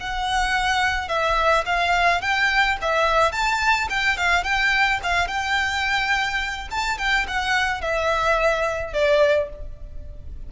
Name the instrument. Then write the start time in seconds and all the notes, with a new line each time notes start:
violin
0.00 F#5
1.08 E5
1.66 F5
2.21 G5
2.81 E5
3.32 A5
3.90 G5
4.17 F5
4.44 G5
5.03 F5
5.28 G5
6.71 A5
6.98 G5
7.28 F#5
7.81 E5
8.93 D5